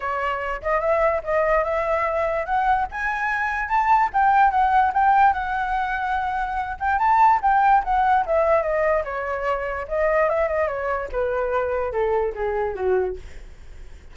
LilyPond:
\new Staff \with { instrumentName = "flute" } { \time 4/4 \tempo 4 = 146 cis''4. dis''8 e''4 dis''4 | e''2 fis''4 gis''4~ | gis''4 a''4 g''4 fis''4 | g''4 fis''2.~ |
fis''8 g''8 a''4 g''4 fis''4 | e''4 dis''4 cis''2 | dis''4 e''8 dis''8 cis''4 b'4~ | b'4 a'4 gis'4 fis'4 | }